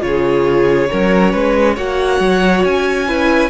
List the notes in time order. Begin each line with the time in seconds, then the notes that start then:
0.00 C#3 F4 C#5
0.07 G#4
0.90 F#3 C#4 A#4
1.31 G#3 B4
1.74 A#3 F#4 C#5 F#5
2.20 F#3
2.64 C#4 G#5
3.07 E4 B4